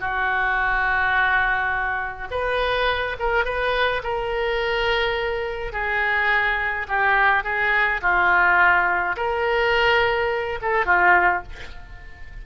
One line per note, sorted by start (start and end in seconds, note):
0.00 2.29 F#4
2.31 3.17 B4
3.19 3.45 A#4
3.45 4.02 B4
4.04 5.73 A#4
5.73 6.87 G#4
6.89 7.44 G4
7.44 8.01 G#4
8.02 9.17 F4
9.17 10.60 A#4
10.62 10.86 A4
10.86 11.43 F4